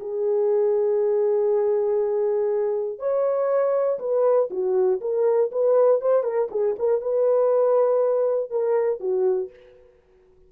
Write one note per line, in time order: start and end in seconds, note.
0.00 2.99 G#4
2.99 3.99 C#5
3.99 4.49 B4
4.50 5.00 F#4
5.01 5.51 A#4
5.52 6.01 B4
6.01 6.23 C5
6.23 6.48 A#4
6.51 6.76 G#4
6.79 7.01 A#4
7.01 8.50 B4
8.50 9.00 A#4
9.00 9.50 F#4